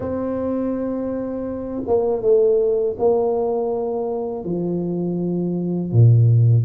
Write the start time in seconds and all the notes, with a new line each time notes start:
0.00 C4
1.87 A#3
2.22 A3
2.98 A#3
4.44 F3
5.92 A#2